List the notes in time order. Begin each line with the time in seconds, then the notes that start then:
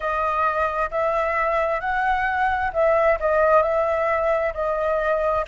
0.00 D#5
0.90 E5
1.80 F#5
2.73 E5
3.20 D#5
3.62 E5
4.54 D#5